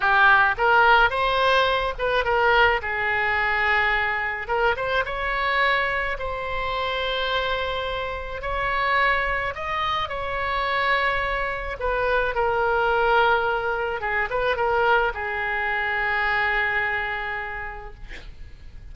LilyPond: \new Staff \with { instrumentName = "oboe" } { \time 4/4 \tempo 4 = 107 g'4 ais'4 c''4. b'8 | ais'4 gis'2. | ais'8 c''8 cis''2 c''4~ | c''2. cis''4~ |
cis''4 dis''4 cis''2~ | cis''4 b'4 ais'2~ | ais'4 gis'8 b'8 ais'4 gis'4~ | gis'1 | }